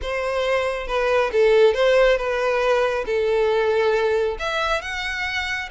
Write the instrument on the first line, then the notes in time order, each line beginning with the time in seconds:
violin
0.02 C5
0.87 B4
1.32 A4
1.73 C5
2.17 B4
3.06 A4
4.39 E5
4.81 F#5